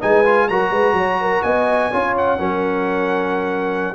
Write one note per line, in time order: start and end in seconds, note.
0.00 0.50 G#3
0.00 0.24 D#4
0.00 0.48 B4
0.00 0.49 G#5
0.25 0.49 F4
0.49 0.71 F#3
0.49 1.92 F#4
0.49 0.71 A#4
0.49 1.42 A#5
0.71 0.93 G#3
0.71 0.95 B4
0.93 1.41 F#3
0.93 1.19 C#5
1.21 1.44 A#4
1.42 1.91 B3
1.42 1.91 D#5
1.42 2.14 G#5
1.91 2.39 C#4
1.91 2.38 F4
1.91 2.39 C#5
2.18 3.95 F#5
2.38 3.95 F#3
2.38 3.94 C#4
2.38 3.95 A#4